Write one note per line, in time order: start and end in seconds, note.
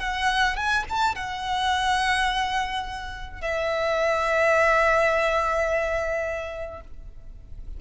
0.00 0.57 F#5
0.57 0.85 G#5
0.90 1.15 A5
1.15 3.42 F#5
3.42 6.81 E5